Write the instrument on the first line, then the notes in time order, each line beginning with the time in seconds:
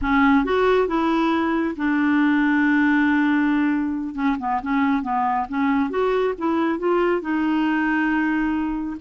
clarinet
0.01 C#4
0.44 F#4
0.87 E4
1.76 D4
4.14 C#4
4.39 B3
4.62 C#4
5.02 B3
5.49 C#4
5.90 F#4
6.38 E4
6.78 F4
7.21 D#4